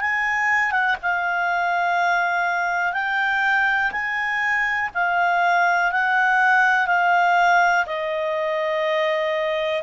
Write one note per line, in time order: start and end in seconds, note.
0.00 0.71 G#5
0.71 0.96 F#5
1.02 2.93 F5
2.93 3.91 G5
3.91 4.90 G#5
4.94 5.92 F5
5.92 6.87 F#5
6.87 7.85 F5
7.86 9.82 D#5